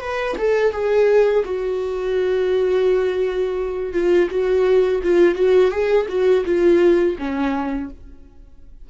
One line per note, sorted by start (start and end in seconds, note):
0.00 0.36 B4
0.37 0.72 A4
0.72 1.43 G#4
1.44 3.93 F#4
3.93 4.28 F4
4.30 5.01 F#4
5.03 5.35 F4
5.35 5.70 F#4
5.70 6.06 G#4
6.08 6.44 F#4
6.45 7.16 F4
7.18 7.90 C#4